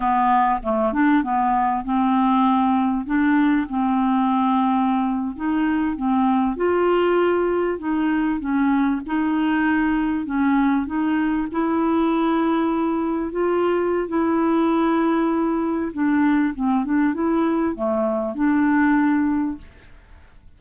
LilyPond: \new Staff \with { instrumentName = "clarinet" } { \time 4/4 \tempo 4 = 98 b4 a8 d'8 b4 c'4~ | c'4 d'4 c'2~ | c'8. dis'4 c'4 f'4~ f'16~ | f'8. dis'4 cis'4 dis'4~ dis'16~ |
dis'8. cis'4 dis'4 e'4~ e'16~ | e'4.~ e'16 f'4~ f'16 e'4~ | e'2 d'4 c'8 d'8 | e'4 a4 d'2 | }